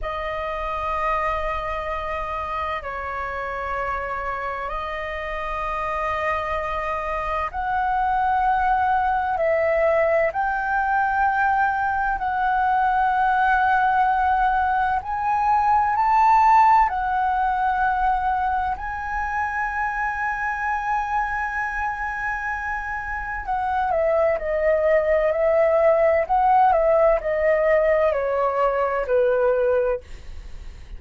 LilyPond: \new Staff \with { instrumentName = "flute" } { \time 4/4 \tempo 4 = 64 dis''2. cis''4~ | cis''4 dis''2. | fis''2 e''4 g''4~ | g''4 fis''2. |
gis''4 a''4 fis''2 | gis''1~ | gis''4 fis''8 e''8 dis''4 e''4 | fis''8 e''8 dis''4 cis''4 b'4 | }